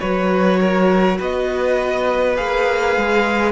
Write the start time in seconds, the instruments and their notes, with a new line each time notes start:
0.00 cello F#3, viola F#4, violin B4 C#5
0.61 violin A#4
1.18 cello B3, violin B4 D#5
2.36 cello A#3, viola G#4, violin F5
2.97 cello G#3